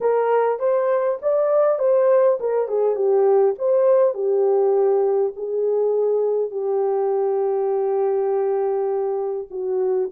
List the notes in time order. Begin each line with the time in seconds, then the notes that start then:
0.00 A#4
0.59 C5
1.22 D5
1.78 C5
2.40 A#4
2.67 G#4
2.95 G4
3.58 C5
4.14 G4
5.35 G#4
6.50 G4
9.50 F#4